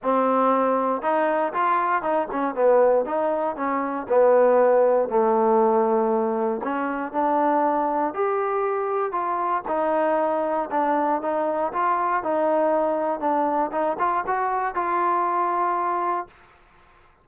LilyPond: \new Staff \with { instrumentName = "trombone" } { \time 4/4 \tempo 4 = 118 c'2 dis'4 f'4 | dis'8 cis'8 b4 dis'4 cis'4 | b2 a2~ | a4 cis'4 d'2 |
g'2 f'4 dis'4~ | dis'4 d'4 dis'4 f'4 | dis'2 d'4 dis'8 f'8 | fis'4 f'2. | }